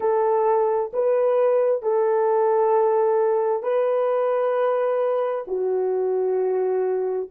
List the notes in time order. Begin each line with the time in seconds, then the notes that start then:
0.00 A4
0.93 B4
1.82 A4
3.62 B4
5.47 F#4